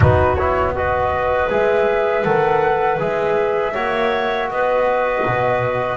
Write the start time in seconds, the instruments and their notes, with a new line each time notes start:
0.00 double bass B3, trombone D#4, clarinet F#4, flute B4
0.35 trombone E4, flute C#5
0.73 trombone F#4, clarinet B4, flute D#5
1.49 double bass G#3, trombone G#4, flute E5
2.23 double bass D#3, trombone A4, flute F#5
2.98 double bass G#3, trombone G#4, flute E5
3.73 double bass A#3, trombone F#4, clarinet C#5
4.50 double bass B3, clarinet B4, flute D#5
5.25 double bass B2